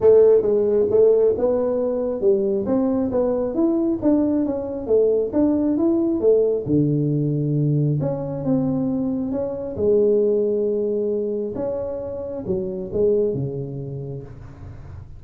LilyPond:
\new Staff \with { instrumentName = "tuba" } { \time 4/4 \tempo 4 = 135 a4 gis4 a4 b4~ | b4 g4 c'4 b4 | e'4 d'4 cis'4 a4 | d'4 e'4 a4 d4~ |
d2 cis'4 c'4~ | c'4 cis'4 gis2~ | gis2 cis'2 | fis4 gis4 cis2 | }